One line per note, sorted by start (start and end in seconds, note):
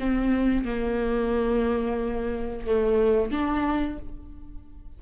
0.00 0.65 C4
0.65 2.67 A#3
2.67 3.32 A3
3.32 3.99 D4